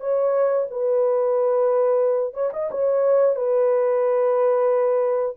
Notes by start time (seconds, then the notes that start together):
0.00 C#5
0.70 B4
2.33 C#5
2.53 D#5
2.71 C#5
3.35 B4